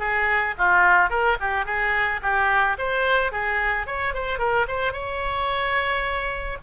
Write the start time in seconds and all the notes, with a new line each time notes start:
0.00 G#4
0.58 F4
1.10 A#4
1.41 G4
1.66 G#4
2.22 G4
2.78 C5
3.32 G#4
3.87 C#5
4.14 C5
4.39 A#4
4.68 C5
4.93 C#5